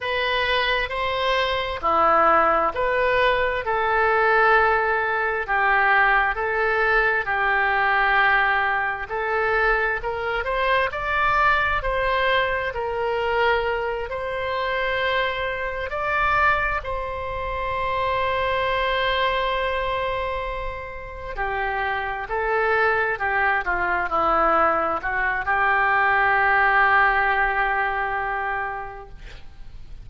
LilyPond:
\new Staff \with { instrumentName = "oboe" } { \time 4/4 \tempo 4 = 66 b'4 c''4 e'4 b'4 | a'2 g'4 a'4 | g'2 a'4 ais'8 c''8 | d''4 c''4 ais'4. c''8~ |
c''4. d''4 c''4.~ | c''2.~ c''8 g'8~ | g'8 a'4 g'8 f'8 e'4 fis'8 | g'1 | }